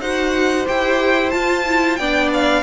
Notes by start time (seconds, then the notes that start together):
0.00 D#4 F#4 C5 F#5
0.66 E4 G4 G5
1.30 F4 A5
1.66 E4
1.96 B3 D4 D5 G5
2.33 F5